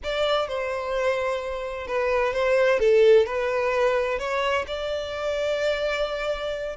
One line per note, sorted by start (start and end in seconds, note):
0.03 0.48 D5
0.48 1.87 C5
1.87 2.33 B4
2.33 2.79 C5
2.79 3.26 A4
3.26 4.18 B4
4.18 4.65 C#5
4.67 6.76 D5